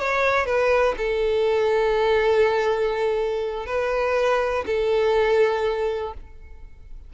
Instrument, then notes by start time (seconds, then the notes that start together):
violin
0.00 C#5
0.46 B4
0.98 A4
3.67 B4
4.67 A4